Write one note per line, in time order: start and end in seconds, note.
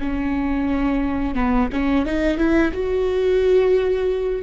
0.00 1.35 C#4
1.35 1.69 B3
1.73 2.06 C#4
2.06 2.38 D#4
2.38 2.72 E4
2.73 4.43 F#4